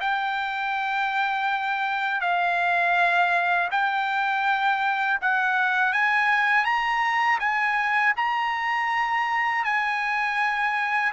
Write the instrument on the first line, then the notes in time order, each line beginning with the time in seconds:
trumpet
0.00 G5
2.21 F5
3.71 G5
5.21 F#5
5.93 G#5
6.65 A#5
7.39 G#5
8.16 A#5
9.64 G#5